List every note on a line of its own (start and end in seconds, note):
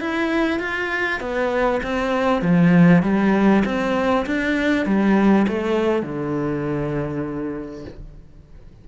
0.00 0.59 E4
0.59 1.20 F4
1.20 1.80 B3
1.82 2.42 C4
2.42 3.02 F3
3.02 3.63 G3
3.65 4.25 C4
4.26 4.85 D4
4.85 5.46 G3
5.48 6.02 A3
6.02 7.84 D3